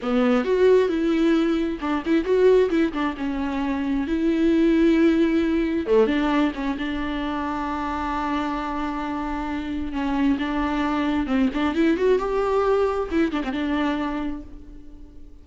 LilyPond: \new Staff \with { instrumentName = "viola" } { \time 4/4 \tempo 4 = 133 b4 fis'4 e'2 | d'8 e'8 fis'4 e'8 d'8 cis'4~ | cis'4 e'2.~ | e'4 a8 d'4 cis'8 d'4~ |
d'1~ | d'2 cis'4 d'4~ | d'4 c'8 d'8 e'8 fis'8 g'4~ | g'4 e'8 d'16 c'16 d'2 | }